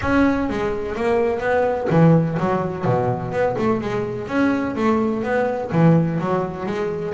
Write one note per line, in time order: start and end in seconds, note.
0.01 0.49 C#4
0.49 0.95 G#3
0.95 1.39 A#3
1.39 1.87 B3
1.90 2.37 E3
2.39 2.84 F#3
2.84 3.31 B2
3.31 3.55 B3
3.58 3.81 A3
3.81 4.27 G#3
4.27 4.75 C#4
4.75 5.23 A3
5.23 5.70 B3
5.72 6.19 E3
6.19 6.66 F#3
6.66 7.13 G#3